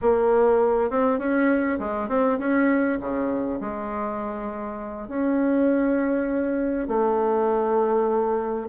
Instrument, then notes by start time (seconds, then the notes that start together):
bassoon
0.01 A#3
0.90 C4
1.18 C#4
1.79 G#3
2.08 C4
2.39 C#4
3.00 C#3
3.60 G#3
5.08 C#4
6.88 A3